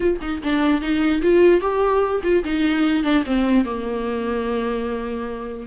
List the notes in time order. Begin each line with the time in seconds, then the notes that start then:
0.00 F4
0.21 D#4
0.43 D4
0.81 D#4
1.22 F4
1.61 G4
2.23 F4
2.44 D#4
3.03 D4
3.26 C4
3.64 A#3